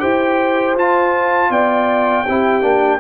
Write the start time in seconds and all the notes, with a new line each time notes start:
0.00 E4 G4 C5 G5
0.76 F4 A5
1.50 B3 D5 G5
2.24 C4 E4 G4
2.62 A#3 D4